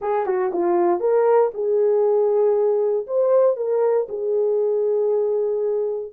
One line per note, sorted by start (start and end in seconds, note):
0.01 0.26 G#4
0.26 0.51 F#4
0.52 0.99 F4
0.99 1.50 A#4
1.53 3.06 G#4
3.06 3.56 C5
3.56 4.07 A#4
4.08 6.12 G#4